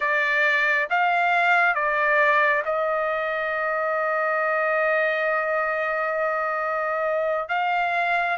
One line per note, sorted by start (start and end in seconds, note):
0.00 0.88 D5
0.90 1.74 F5
1.74 2.62 D5
2.65 7.48 D#5
7.48 8.37 F5